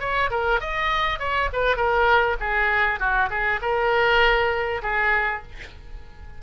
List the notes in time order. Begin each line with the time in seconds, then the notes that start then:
0.00 C#5
0.30 A#4
0.60 D#5
1.19 C#5
1.53 B4
1.76 A#4
2.40 G#4
2.99 F#4
3.30 G#4
3.62 A#4
4.82 G#4